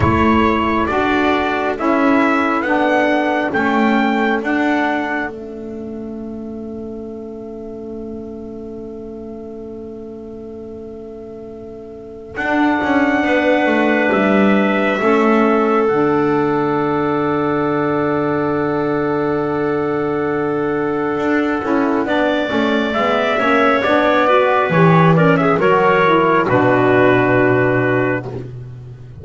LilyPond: <<
  \new Staff \with { instrumentName = "trumpet" } { \time 4/4 \tempo 4 = 68 cis''4 d''4 e''4 fis''4 | g''4 fis''4 e''2~ | e''1~ | e''2 fis''2 |
e''2 fis''2~ | fis''1~ | fis''2 e''4 d''4 | cis''8 d''16 e''16 cis''4 b'2 | }
  \new Staff \with { instrumentName = "clarinet" } { \time 4/4 a'1~ | a'1~ | a'1~ | a'2. b'4~ |
b'4 a'2.~ | a'1~ | a'4 d''4. cis''4 b'8~ | b'8 ais'16 gis'16 ais'4 fis'2 | }
  \new Staff \with { instrumentName = "saxophone" } { \time 4/4 e'4 fis'4 e'4 d'4 | cis'4 d'4 cis'2~ | cis'1~ | cis'2 d'2~ |
d'4 cis'4 d'2~ | d'1~ | d'8 e'8 d'8 cis'8 b8 cis'8 d'8 fis'8 | g'8 cis'8 fis'8 e'8 d'2 | }
  \new Staff \with { instrumentName = "double bass" } { \time 4/4 a4 d'4 cis'4 b4 | a4 d'4 a2~ | a1~ | a2 d'8 cis'8 b8 a8 |
g4 a4 d2~ | d1 | d'8 cis'8 b8 a8 gis8 ais8 b4 | e4 fis4 b,2 | }
>>